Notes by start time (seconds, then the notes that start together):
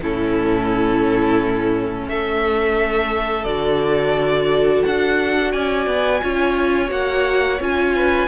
0.00 A2 C#4 E4 A4
2.07 A3 A4 E5
3.44 D3 F#4 D5
4.84 D4 F#5
5.51 C#4 D5 G#5
5.86 B3
6.21 C#4 F4 C#5
6.87 A#3 F#4 F#5
7.59 C#4 F4 G#5
7.95 B4